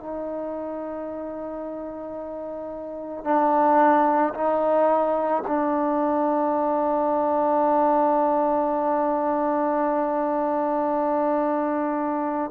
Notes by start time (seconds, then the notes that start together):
0.00 D#4
3.25 D4
4.34 D#4
5.47 D4